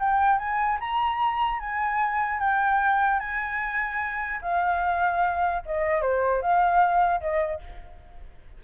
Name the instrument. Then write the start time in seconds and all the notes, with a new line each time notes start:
flute
0.00 G5
0.39 G#5
0.80 A#5
1.60 G#5
2.40 G5
3.20 G#5
4.42 F5
5.66 D#5
6.02 C5
6.42 F5
7.21 D#5